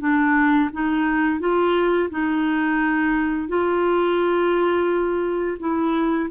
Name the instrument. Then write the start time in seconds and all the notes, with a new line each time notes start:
clarinet
0.00 D4
0.73 D#4
1.40 F4
2.10 D#4
3.48 F4
5.59 E4